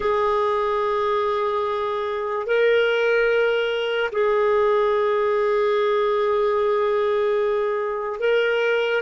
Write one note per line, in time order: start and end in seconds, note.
0.00 2.46 G#4
2.46 4.10 A#4
4.12 8.19 G#4
8.19 9.01 A#4